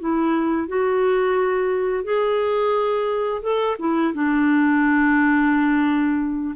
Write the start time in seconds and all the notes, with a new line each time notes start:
0.00 E4
0.68 F#4
2.04 G#4
3.43 A4
3.79 E4
4.14 D4